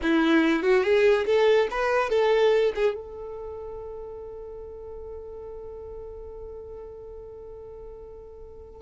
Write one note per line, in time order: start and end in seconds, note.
0.02 0.62 E4
0.62 0.83 F#4
0.83 1.25 G#4
1.26 1.68 A4
1.70 2.09 B4
2.09 2.72 A4
2.75 2.94 G#4
2.94 8.81 A4